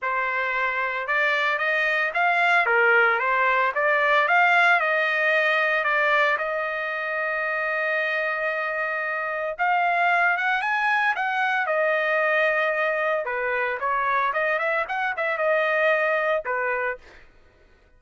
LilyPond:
\new Staff \with { instrumentName = "trumpet" } { \time 4/4 \tempo 4 = 113 c''2 d''4 dis''4 | f''4 ais'4 c''4 d''4 | f''4 dis''2 d''4 | dis''1~ |
dis''2 f''4. fis''8 | gis''4 fis''4 dis''2~ | dis''4 b'4 cis''4 dis''8 e''8 | fis''8 e''8 dis''2 b'4 | }